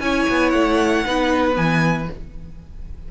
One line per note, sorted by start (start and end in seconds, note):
0.00 0.26 C#4
0.00 1.06 E4
0.00 1.07 C#5
0.00 0.50 G#5
0.30 0.54 B3
0.50 1.06 A3
0.50 1.55 F#5
1.06 1.57 B3
1.06 1.53 D#4
1.06 2.12 B4
1.53 2.09 E3
1.53 2.06 B3
1.53 2.09 G#5